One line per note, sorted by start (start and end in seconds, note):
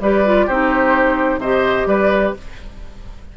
0.00 0.47 G3
0.00 0.25 G4
0.00 0.46 B4
0.00 0.48 D5
0.25 0.49 F4
0.46 1.38 C4
0.46 1.43 D#4
0.46 1.40 G4
0.46 1.40 C5
1.38 1.84 C3
1.38 2.37 G4
1.38 1.87 C5
1.38 1.87 D#5
1.86 2.33 G3
1.86 2.35 B4
1.86 2.34 D5